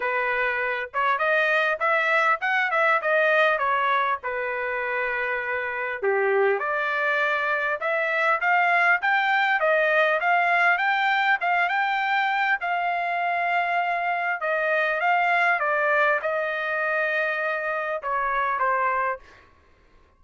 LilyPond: \new Staff \with { instrumentName = "trumpet" } { \time 4/4 \tempo 4 = 100 b'4. cis''8 dis''4 e''4 | fis''8 e''8 dis''4 cis''4 b'4~ | b'2 g'4 d''4~ | d''4 e''4 f''4 g''4 |
dis''4 f''4 g''4 f''8 g''8~ | g''4 f''2. | dis''4 f''4 d''4 dis''4~ | dis''2 cis''4 c''4 | }